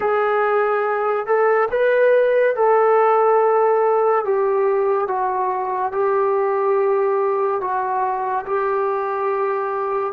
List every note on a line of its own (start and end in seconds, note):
0.00 1.26 G#4
1.26 1.68 A4
1.71 2.55 B4
2.55 4.24 A4
4.24 5.07 G4
5.07 5.92 F#4
5.92 7.60 G4
7.60 8.45 F#4
8.46 10.12 G4